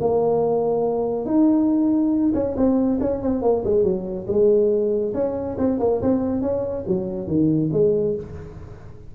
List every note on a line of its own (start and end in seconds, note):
0.00 1.25 A#3
1.25 2.32 D#4
2.34 2.56 C#4
2.56 2.99 C4
3.01 3.22 C#4
3.22 3.42 C4
3.42 3.64 A#3
3.64 3.83 G#3
3.83 4.26 F#3
4.27 5.13 G#3
5.14 5.57 C#4
5.58 5.79 C4
5.80 6.01 A#3
6.02 6.42 C4
6.42 6.85 C#4
6.87 7.27 F#3
7.27 7.70 D#3
7.72 8.15 G#3